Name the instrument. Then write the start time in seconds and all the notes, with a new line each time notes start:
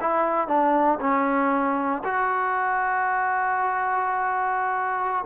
trombone
0.00 E4
0.48 D4
1.00 C#4
2.04 F#4